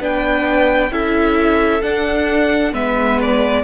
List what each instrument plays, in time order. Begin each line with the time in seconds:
0.00 cello B3, viola D4, violin B4 G5
0.91 cello C#4, viola E4, violin A4 E5
1.82 viola D4, cello D4, violin F#5
2.73 cello G#3, viola B3, violin B4 E5
3.22 violin D5